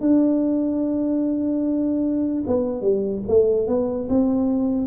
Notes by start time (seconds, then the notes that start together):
0.00 D4
2.46 B3
2.81 G3
3.28 A3
3.67 B3
4.09 C4